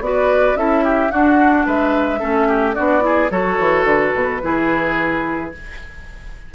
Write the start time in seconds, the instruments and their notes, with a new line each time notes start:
0.00 bassoon B3, clarinet F#4, oboe B4, flute D5
0.55 bassoon C#4, clarinet E4, oboe A4, flute E5
0.84 oboe G4
1.10 clarinet D4, bassoon D4, oboe F#4, flute F#5
1.66 bassoon G#3, oboe B4, flute E5
2.19 bassoon A3, clarinet C#4, oboe A4
2.47 oboe G4
2.74 bassoon B3, clarinet D4, oboe F#4, flute D5
3.00 clarinet E4, oboe G#4
3.30 bassoon F#3, clarinet F#4, oboe A4, flute C#5
3.59 bassoon E3
3.84 bassoon D3, flute B4
4.15 bassoon B2
4.42 bassoon E3, clarinet E4, oboe G#4